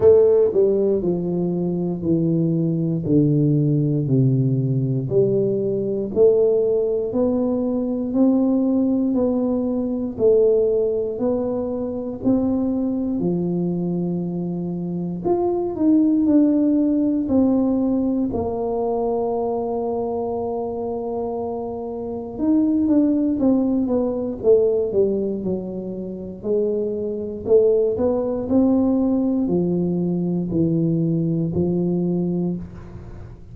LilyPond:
\new Staff \with { instrumentName = "tuba" } { \time 4/4 \tempo 4 = 59 a8 g8 f4 e4 d4 | c4 g4 a4 b4 | c'4 b4 a4 b4 | c'4 f2 f'8 dis'8 |
d'4 c'4 ais2~ | ais2 dis'8 d'8 c'8 b8 | a8 g8 fis4 gis4 a8 b8 | c'4 f4 e4 f4 | }